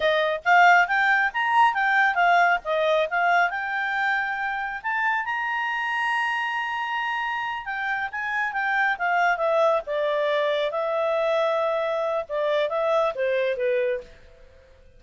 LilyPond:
\new Staff \with { instrumentName = "clarinet" } { \time 4/4 \tempo 4 = 137 dis''4 f''4 g''4 ais''4 | g''4 f''4 dis''4 f''4 | g''2. a''4 | ais''1~ |
ais''4. g''4 gis''4 g''8~ | g''8 f''4 e''4 d''4.~ | d''8 e''2.~ e''8 | d''4 e''4 c''4 b'4 | }